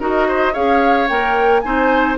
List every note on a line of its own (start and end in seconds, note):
0.00 0.54 D#4
0.00 0.53 F#4
0.00 0.27 A#4
0.00 0.54 D#5
0.28 0.53 C5
0.53 1.10 C#4
0.53 1.07 G#4
0.53 1.61 C#5
0.53 1.08 F5
1.09 1.64 A#3
1.09 1.63 A#4
1.09 1.61 G5
1.61 2.18 C4
1.61 2.18 D#4
1.61 2.18 C5
1.61 2.15 G#5